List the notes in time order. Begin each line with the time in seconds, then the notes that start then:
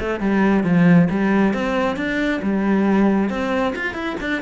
0.00 A3
0.20 G3
0.64 F3
1.10 G3
1.54 C4
1.97 D4
2.42 G3
3.30 C4
3.76 F4
3.94 E4
4.21 D4